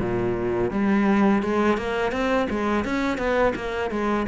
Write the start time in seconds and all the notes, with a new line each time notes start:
0.00 A#2
0.71 G3
1.43 G#3
1.78 A#3
2.12 C4
2.50 G#3
2.85 C#4
3.18 B3
3.56 A#3
3.91 G#3